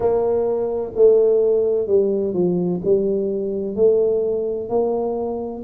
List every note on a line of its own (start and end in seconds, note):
0.00 0.92 A#3
0.95 1.87 A3
1.87 2.34 G3
2.34 2.80 F3
2.84 3.75 G3
3.75 4.69 A3
4.69 5.62 A#3